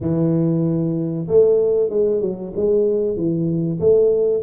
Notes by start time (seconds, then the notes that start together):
0.00 E3
1.27 A3
1.89 G#3
2.21 F#3
2.56 G#3
3.16 E3
3.80 A3